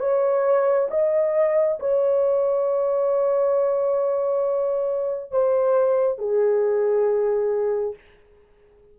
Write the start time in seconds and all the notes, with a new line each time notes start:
0.00 C#5
0.90 D#5
1.79 C#5
5.31 C5
6.18 G#4